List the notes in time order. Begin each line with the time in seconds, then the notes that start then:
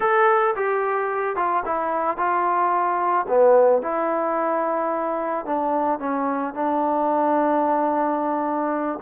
0.00 A4
0.55 G4
1.35 F4
1.65 E4
2.17 F4
3.28 B3
3.82 E4
5.45 D4
5.99 C#4
6.54 D4